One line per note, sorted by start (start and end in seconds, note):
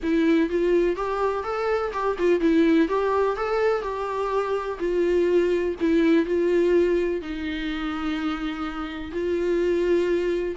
0.02 0.49 E4
0.49 0.95 F4
0.95 1.43 G4
1.43 1.91 A4
1.92 2.16 G4
2.18 2.40 F4
2.40 2.88 E4
2.88 3.36 G4
3.36 3.82 A4
3.82 4.78 G4
4.79 5.75 F4
5.80 6.25 E4
6.25 7.21 F4
7.21 9.11 D#4
9.11 10.55 F4